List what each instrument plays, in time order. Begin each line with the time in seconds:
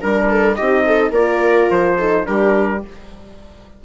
0.00 bassoon G3, horn D4, viola A#4, trumpet A#4
0.29 viola A4
0.55 bassoon C4, horn D#4, viola G4, trumpet D#5
0.85 viola A4
1.10 bassoon A#3, horn F4, viola A#4, trumpet D5
1.70 bassoon F3, trumpet C5
1.97 horn D#4, viola A4
2.24 bassoon G3, horn D4, viola G4, trumpet A#4